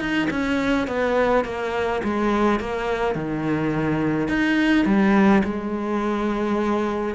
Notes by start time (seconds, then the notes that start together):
0.00 D#4
0.30 C#4
0.88 B3
1.45 A#3
2.04 G#3
2.60 A#3
3.15 D#3
4.29 D#4
4.86 G3
5.44 G#3